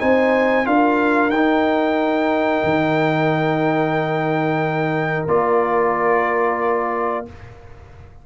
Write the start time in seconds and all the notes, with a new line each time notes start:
0.00 C4 D#4 C5 G#5
0.65 D4 F4 A#4 F5
1.29 D#4 G5
2.64 D#3
5.28 A#3 F4 D5